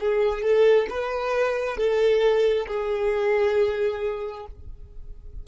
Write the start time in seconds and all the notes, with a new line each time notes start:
0.00 G#4
0.42 A4
0.90 B4
1.77 A4
2.67 G#4